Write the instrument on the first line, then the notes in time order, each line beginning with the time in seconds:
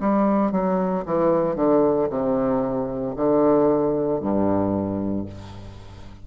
bassoon
0.00 G3
0.52 F#3
1.06 E3
1.56 D3
2.10 C3
3.16 D3
4.20 G2